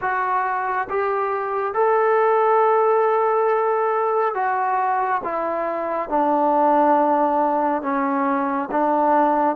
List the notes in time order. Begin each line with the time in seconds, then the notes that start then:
0.01 F#4
0.89 G4
1.74 A4
4.34 F#4
5.23 E4
6.09 D4
7.82 C#4
8.71 D4